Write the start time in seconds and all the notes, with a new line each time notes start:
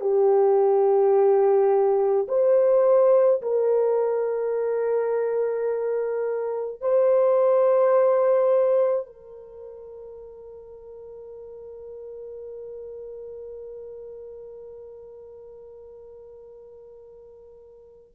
0.00 G4
2.27 C5
3.41 A#4
6.81 C5
9.06 A#4